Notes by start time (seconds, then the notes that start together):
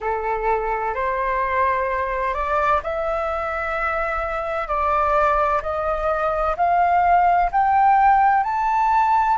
0.00 A4
0.94 C5
2.34 D5
2.83 E5
4.67 D5
5.62 D#5
6.56 F5
7.51 G5
8.43 A5